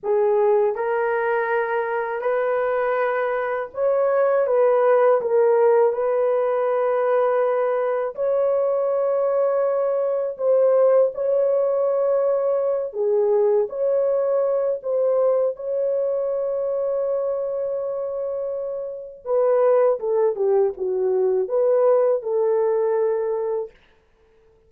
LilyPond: \new Staff \with { instrumentName = "horn" } { \time 4/4 \tempo 4 = 81 gis'4 ais'2 b'4~ | b'4 cis''4 b'4 ais'4 | b'2. cis''4~ | cis''2 c''4 cis''4~ |
cis''4. gis'4 cis''4. | c''4 cis''2.~ | cis''2 b'4 a'8 g'8 | fis'4 b'4 a'2 | }